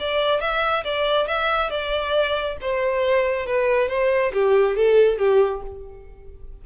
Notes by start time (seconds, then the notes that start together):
0.00 D5
0.41 E5
0.84 D5
1.28 E5
1.71 D5
2.61 C5
3.47 B4
3.89 C5
4.33 G4
4.76 A4
5.19 G4